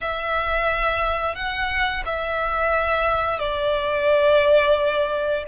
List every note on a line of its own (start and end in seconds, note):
0.01 1.35 E5
1.35 2.03 F#5
2.05 3.39 E5
3.39 5.44 D5